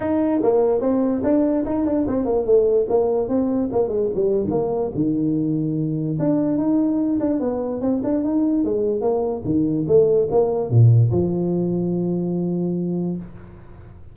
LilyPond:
\new Staff \with { instrumentName = "tuba" } { \time 4/4 \tempo 4 = 146 dis'4 ais4 c'4 d'4 | dis'8 d'8 c'8 ais8 a4 ais4 | c'4 ais8 gis8 g8. dis16 ais4 | dis2. d'4 |
dis'4. d'8 b4 c'8 d'8 | dis'4 gis4 ais4 dis4 | a4 ais4 ais,4 f4~ | f1 | }